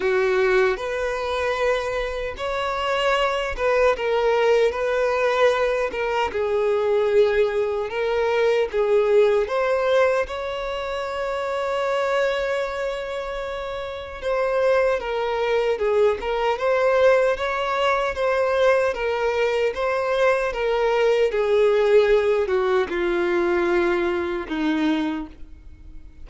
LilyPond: \new Staff \with { instrumentName = "violin" } { \time 4/4 \tempo 4 = 76 fis'4 b'2 cis''4~ | cis''8 b'8 ais'4 b'4. ais'8 | gis'2 ais'4 gis'4 | c''4 cis''2.~ |
cis''2 c''4 ais'4 | gis'8 ais'8 c''4 cis''4 c''4 | ais'4 c''4 ais'4 gis'4~ | gis'8 fis'8 f'2 dis'4 | }